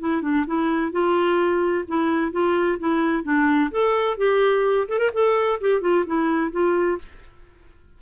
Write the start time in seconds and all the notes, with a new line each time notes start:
0.00 E4
0.22 D4
0.47 E4
0.92 F4
1.88 E4
2.32 F4
2.79 E4
3.23 D4
3.71 A4
4.17 G4
4.88 A4
4.99 A#4
5.13 A4
5.61 G4
5.81 F4
6.06 E4
6.51 F4